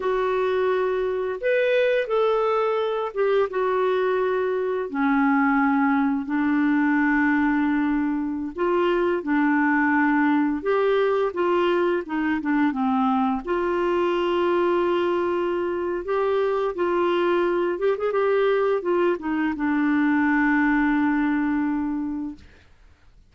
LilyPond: \new Staff \with { instrumentName = "clarinet" } { \time 4/4 \tempo 4 = 86 fis'2 b'4 a'4~ | a'8 g'8 fis'2 cis'4~ | cis'4 d'2.~ | d'16 f'4 d'2 g'8.~ |
g'16 f'4 dis'8 d'8 c'4 f'8.~ | f'2. g'4 | f'4. g'16 gis'16 g'4 f'8 dis'8 | d'1 | }